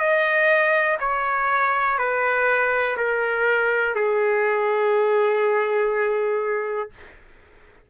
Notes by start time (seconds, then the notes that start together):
0.00 D#5
1.00 C#5
1.99 B4
2.97 A#4
3.96 G#4